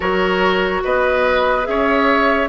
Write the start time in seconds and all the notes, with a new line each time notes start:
0.00 F#3 F#4 A#4 C#5
0.84 B3 B4 D#5
1.63 C#4 G#4 E5
1.69 C#5